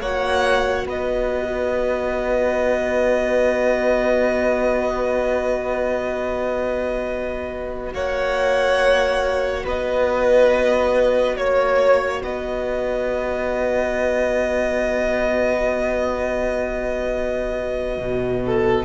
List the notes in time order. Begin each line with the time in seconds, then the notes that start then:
0.00 A#3 F#4 C#5 F#5
0.86 B3 B4 D#5
7.93 A#3 C#5 F#5
9.64 B3 B4 D#5
11.37 A#3 C#5
12.22 B3 B4 D#5
17.98 B2
18.46 A4